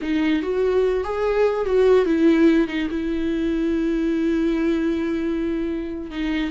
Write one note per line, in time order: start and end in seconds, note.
0.01 0.42 D#4
0.42 1.03 F#4
1.03 1.65 G#4
1.65 2.05 F#4
2.05 2.67 E4
2.67 2.88 D#4
2.90 6.10 E4
6.10 6.50 D#4